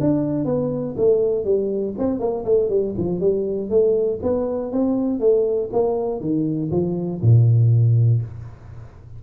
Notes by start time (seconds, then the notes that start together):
0.00 D4
0.45 B3
0.97 A3
1.45 G3
1.98 C4
2.20 A#3
2.45 A3
2.70 G3
2.98 F3
3.20 G3
3.70 A3
4.22 B3
4.72 C4
5.20 A3
5.73 A#3
6.21 D#3
6.71 F3
7.22 A#2